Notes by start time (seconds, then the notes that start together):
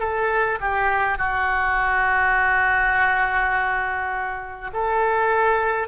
0.00 A4
0.61 G4
1.18 F#4
4.74 A4